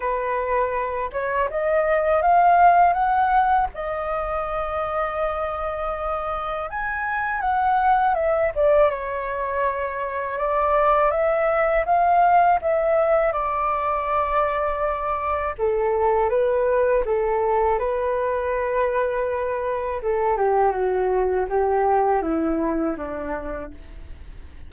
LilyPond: \new Staff \with { instrumentName = "flute" } { \time 4/4 \tempo 4 = 81 b'4. cis''8 dis''4 f''4 | fis''4 dis''2.~ | dis''4 gis''4 fis''4 e''8 d''8 | cis''2 d''4 e''4 |
f''4 e''4 d''2~ | d''4 a'4 b'4 a'4 | b'2. a'8 g'8 | fis'4 g'4 e'4 d'4 | }